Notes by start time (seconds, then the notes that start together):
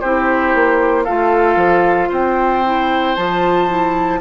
0.00 C4 E4 G4 C5
0.54 A#3
1.04 A3 F4 A4 F5
1.56 F3
2.09 C4 C5 G5
2.64 E4
3.15 F3 F4 A5
3.68 E4